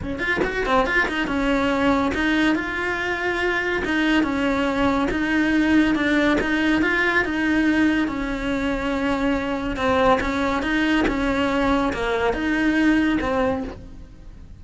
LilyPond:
\new Staff \with { instrumentName = "cello" } { \time 4/4 \tempo 4 = 141 cis'8 f'8 fis'8 c'8 f'8 dis'8 cis'4~ | cis'4 dis'4 f'2~ | f'4 dis'4 cis'2 | dis'2 d'4 dis'4 |
f'4 dis'2 cis'4~ | cis'2. c'4 | cis'4 dis'4 cis'2 | ais4 dis'2 c'4 | }